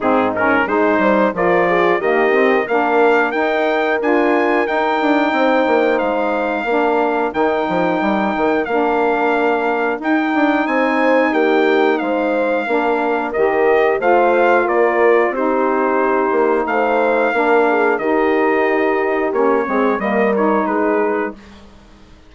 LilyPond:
<<
  \new Staff \with { instrumentName = "trumpet" } { \time 4/4 \tempo 4 = 90 gis'8 ais'8 c''4 d''4 dis''4 | f''4 g''4 gis''4 g''4~ | g''4 f''2 g''4~ | g''4 f''2 g''4 |
gis''4 g''4 f''2 | dis''4 f''4 d''4 c''4~ | c''4 f''2 dis''4~ | dis''4 cis''4 dis''8 cis''8 b'4 | }
  \new Staff \with { instrumentName = "horn" } { \time 4/4 dis'4 gis'8 c''8 ais'8 gis'8 g'4 | ais'1 | c''2 ais'2~ | ais'1 |
c''4 g'4 c''4 ais'4~ | ais'4 c''4 ais'4 g'4~ | g'4 c''4 ais'8 gis'8 g'4~ | g'4. gis'8 ais'4 gis'4 | }
  \new Staff \with { instrumentName = "saxophone" } { \time 4/4 c'8 cis'8 dis'4 f'4 ais8 c'8 | d'4 dis'4 f'4 dis'4~ | dis'2 d'4 dis'4~ | dis'4 d'2 dis'4~ |
dis'2. d'4 | g'4 f'2 dis'4~ | dis'2 d'4 dis'4~ | dis'4 cis'8 c'8 ais8 dis'4. | }
  \new Staff \with { instrumentName = "bassoon" } { \time 4/4 gis,4 gis8 g8 f4 dis4 | ais4 dis'4 d'4 dis'8 d'8 | c'8 ais8 gis4 ais4 dis8 f8 | g8 dis8 ais2 dis'8 d'8 |
c'4 ais4 gis4 ais4 | dis4 a4 ais4 c'4~ | c'8 ais8 a4 ais4 dis4~ | dis4 ais8 gis8 g4 gis4 | }
>>